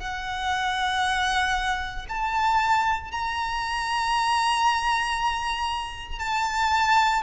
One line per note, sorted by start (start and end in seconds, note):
0.00 2.07 F#5
2.09 3.12 A5
3.12 6.20 A#5
6.20 7.23 A5